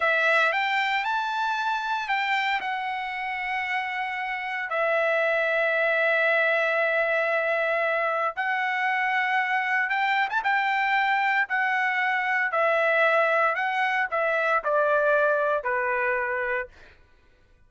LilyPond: \new Staff \with { instrumentName = "trumpet" } { \time 4/4 \tempo 4 = 115 e''4 g''4 a''2 | g''4 fis''2.~ | fis''4 e''2.~ | e''1 |
fis''2. g''8. a''16 | g''2 fis''2 | e''2 fis''4 e''4 | d''2 b'2 | }